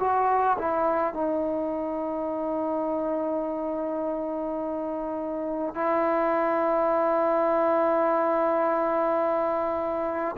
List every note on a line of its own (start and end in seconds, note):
0.00 0.58 F#4
0.59 1.14 E4
1.14 5.75 D#4
5.75 10.36 E4